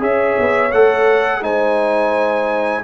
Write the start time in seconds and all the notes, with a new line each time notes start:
0.00 C#4 G#4 C#5 E5
0.39 B3
0.72 A3 A4 F#5
1.41 G#3 D#4 C5 G#5